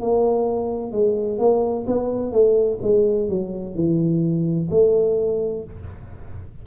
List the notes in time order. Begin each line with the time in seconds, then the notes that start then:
0.00 A#3
0.91 G#3
1.38 A#3
1.87 B3
2.32 A3
2.82 G#3
3.28 F#3
3.75 E3
4.70 A3